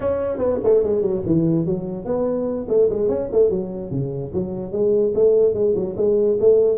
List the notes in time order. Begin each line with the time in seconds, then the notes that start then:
0.00 C#4
0.38 B3
0.63 A3
0.83 G#3
1.01 F#3
1.25 E3
1.65 F#3
2.05 B3
2.68 A3
2.89 G#3
3.08 C#4
3.32 A3
3.50 F#3
3.90 C#3
4.33 F#3
4.71 G#3
5.14 A3
5.53 G#3
5.75 F#3
5.96 G#3
6.39 A3